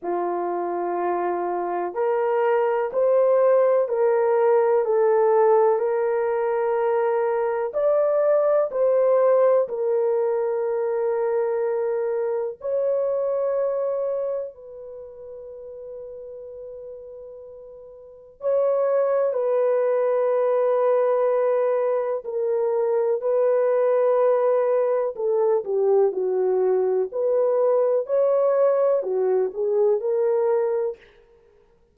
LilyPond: \new Staff \with { instrumentName = "horn" } { \time 4/4 \tempo 4 = 62 f'2 ais'4 c''4 | ais'4 a'4 ais'2 | d''4 c''4 ais'2~ | ais'4 cis''2 b'4~ |
b'2. cis''4 | b'2. ais'4 | b'2 a'8 g'8 fis'4 | b'4 cis''4 fis'8 gis'8 ais'4 | }